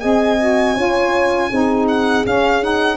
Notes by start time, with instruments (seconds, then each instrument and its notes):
0.00 tuba C4, saxophone G#4, horn D#5, violin G#5
0.39 saxophone F#4
0.75 tuba C#4, saxophone F4, horn C#5
1.49 tuba C4, saxophone D#4, horn G#4
1.88 violin F#5
2.26 tuba C#4, saxophone C#4, violin F5
2.62 saxophone D#4, violin F#5